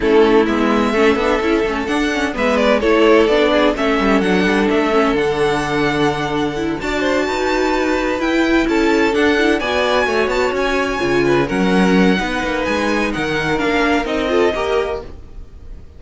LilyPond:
<<
  \new Staff \with { instrumentName = "violin" } { \time 4/4 \tempo 4 = 128 a'4 e''2. | fis''4 e''8 d''8 cis''4 d''4 | e''4 fis''4 e''4 fis''4~ | fis''2~ fis''8 a''4.~ |
a''4. g''4 a''4 fis''8~ | fis''8 gis''4. a''8 gis''4.~ | gis''8 fis''2~ fis''8 gis''4 | fis''4 f''4 dis''2 | }
  \new Staff \with { instrumentName = "violin" } { \time 4/4 e'2 a'2~ | a'4 b'4 a'4. gis'8 | a'1~ | a'2~ a'8 d''8 c''8 b'8~ |
b'2~ b'8 a'4.~ | a'8 d''4 cis''2~ cis''8 | b'8 ais'4. b'2 | ais'2~ ais'8 a'8 ais'4 | }
  \new Staff \with { instrumentName = "viola" } { \time 4/4 cis'4 b4 cis'8 d'8 e'8 cis'8 | d'8 cis'8 b4 e'4 d'4 | cis'4 d'4. cis'8 d'4~ | d'2 e'8 fis'4.~ |
fis'4. e'2 d'8 | e'8 fis'2. f'8~ | f'8 cis'4. dis'2~ | dis'4 d'4 dis'8 f'8 g'4 | }
  \new Staff \with { instrumentName = "cello" } { \time 4/4 a4 gis4 a8 b8 cis'8 a8 | d'4 gis4 a4 b4 | a8 g8 fis8 g8 a4 d4~ | d2~ d8 d'4 dis'8~ |
dis'4. e'4 cis'4 d'8~ | d'8 b4 a8 b8 cis'4 cis8~ | cis8 fis4. b8 ais8 gis4 | dis4 ais4 c'4 ais4 | }
>>